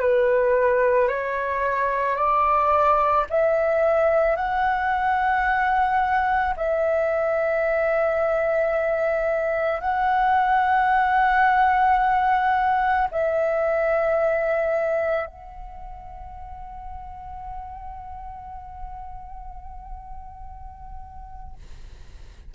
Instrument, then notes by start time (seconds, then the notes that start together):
flute
0.00 B4
1.09 C#5
2.17 D5
3.30 E5
4.36 F#5
6.57 E5
9.81 F#5
13.12 E5
15.27 F#5